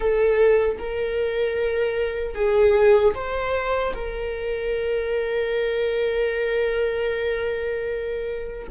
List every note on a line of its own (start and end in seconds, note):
0.00 0.77 A4
0.78 2.35 A#4
2.35 3.14 G#4
3.14 3.93 C5
3.94 8.68 A#4